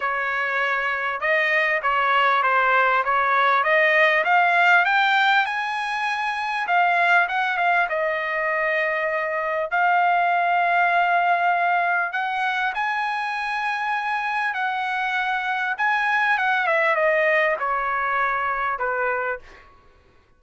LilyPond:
\new Staff \with { instrumentName = "trumpet" } { \time 4/4 \tempo 4 = 99 cis''2 dis''4 cis''4 | c''4 cis''4 dis''4 f''4 | g''4 gis''2 f''4 | fis''8 f''8 dis''2. |
f''1 | fis''4 gis''2. | fis''2 gis''4 fis''8 e''8 | dis''4 cis''2 b'4 | }